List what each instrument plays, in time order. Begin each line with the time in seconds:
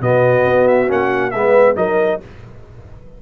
0.00 tuba B2, trombone B3, horn F#4, trumpet D#5
0.45 tuba B3
0.67 trumpet E5
0.87 tuba A#3, trombone C#4, trumpet F#5
1.31 tuba G#3, trombone B3, horn B4, trumpet E5
1.75 tuba F#3, trombone D#4, horn A#4, trumpet D#5